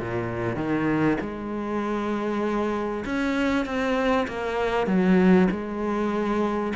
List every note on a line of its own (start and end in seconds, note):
0.00 0.56 A#2
0.56 1.18 D#3
1.21 3.05 G#3
3.06 3.66 C#4
3.66 4.27 C4
4.28 4.87 A#3
4.87 5.49 F#3
5.51 6.74 G#3